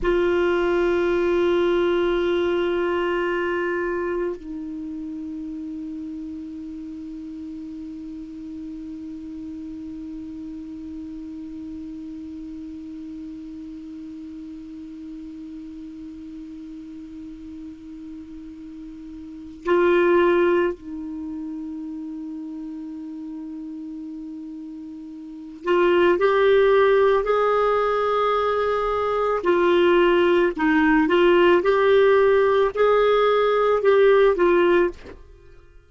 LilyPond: \new Staff \with { instrumentName = "clarinet" } { \time 4/4 \tempo 4 = 55 f'1 | dis'1~ | dis'1~ | dis'1~ |
dis'2 f'4 dis'4~ | dis'2.~ dis'8 f'8 | g'4 gis'2 f'4 | dis'8 f'8 g'4 gis'4 g'8 f'8 | }